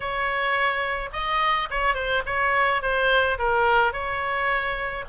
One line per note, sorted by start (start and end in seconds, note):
0.00 1.09 C#5
1.12 1.68 D#5
1.70 1.94 C#5
1.94 2.22 C5
2.26 2.82 C#5
2.82 3.38 C5
3.38 3.93 A#4
3.93 5.05 C#5